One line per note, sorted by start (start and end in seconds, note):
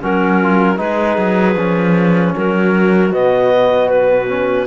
0.00 0.79 F#3
0.00 0.78 C#4
0.00 0.42 F#4
0.00 0.78 A#4
0.42 0.76 F4
0.76 1.17 G#3
0.76 1.54 D#4
0.76 2.35 G#4
0.76 2.34 B4
1.17 1.56 F#3
1.56 2.34 F3
1.56 3.12 C#4
2.35 3.12 F#3
2.35 4.66 F#4
2.35 3.13 A#4
3.12 4.66 B2
3.12 4.28 B3
3.12 3.89 D#5
3.89 4.66 B4
4.28 4.66 C#4